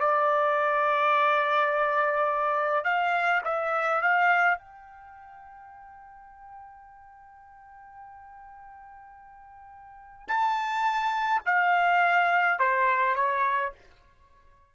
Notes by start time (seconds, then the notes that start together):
0.00 D5
2.84 F5
3.44 E5
4.02 F5
4.58 G5
10.28 A5
11.46 F5
12.59 C5
13.15 C#5